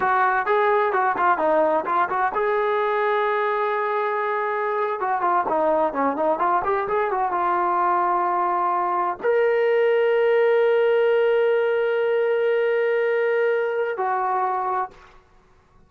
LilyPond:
\new Staff \with { instrumentName = "trombone" } { \time 4/4 \tempo 4 = 129 fis'4 gis'4 fis'8 f'8 dis'4 | f'8 fis'8 gis'2.~ | gis'2~ gis'8. fis'8 f'8 dis'16~ | dis'8. cis'8 dis'8 f'8 g'8 gis'8 fis'8 f'16~ |
f'2.~ f'8. ais'16~ | ais'1~ | ais'1~ | ais'2 fis'2 | }